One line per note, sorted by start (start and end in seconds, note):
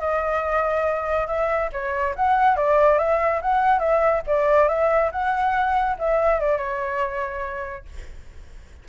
0.00 1.28 D#5
1.28 1.70 E5
1.73 2.15 C#5
2.16 2.57 F#5
2.57 2.99 D5
2.99 3.41 E5
3.42 3.80 F#5
3.80 4.22 E5
4.27 4.69 D5
4.69 5.11 E5
5.12 5.97 F#5
5.99 6.40 E5
6.40 6.58 D5
6.58 7.86 C#5